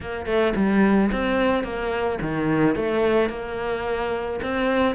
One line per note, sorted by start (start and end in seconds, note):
0.00 0.26 A#3
0.26 0.53 A3
0.55 1.10 G3
1.12 1.63 C4
1.63 2.18 A#3
2.21 2.75 D#3
2.75 3.29 A3
3.29 4.39 A#3
4.42 4.95 C4